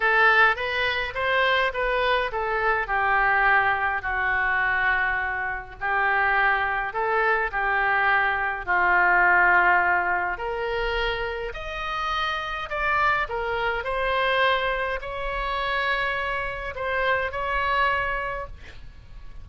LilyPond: \new Staff \with { instrumentName = "oboe" } { \time 4/4 \tempo 4 = 104 a'4 b'4 c''4 b'4 | a'4 g'2 fis'4~ | fis'2 g'2 | a'4 g'2 f'4~ |
f'2 ais'2 | dis''2 d''4 ais'4 | c''2 cis''2~ | cis''4 c''4 cis''2 | }